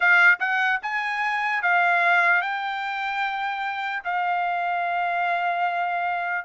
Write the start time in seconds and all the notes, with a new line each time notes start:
0.00 F5
0.39 F#5
0.82 G#5
1.62 F5
2.41 G5
4.03 F5